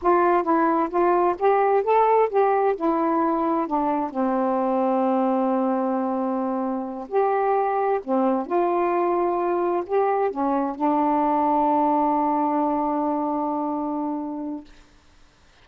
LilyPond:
\new Staff \with { instrumentName = "saxophone" } { \time 4/4 \tempo 4 = 131 f'4 e'4 f'4 g'4 | a'4 g'4 e'2 | d'4 c'2.~ | c'2.~ c'8 g'8~ |
g'4. c'4 f'4.~ | f'4. g'4 cis'4 d'8~ | d'1~ | d'1 | }